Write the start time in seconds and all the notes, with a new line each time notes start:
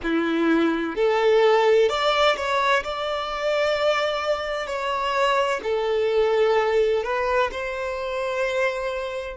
0.03 E4
0.95 A4
1.89 D5
2.36 C#5
2.83 D5
4.66 C#5
5.63 A4
7.03 B4
7.51 C5